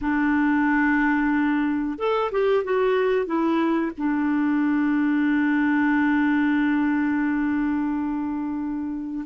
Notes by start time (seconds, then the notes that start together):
0.01 D4
1.98 A4
2.31 G4
2.64 F#4
3.25 E4
3.97 D4